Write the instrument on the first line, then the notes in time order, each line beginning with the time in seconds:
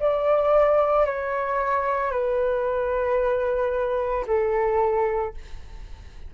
flute
0.00 D5
1.06 C#5
2.11 B4
4.27 A4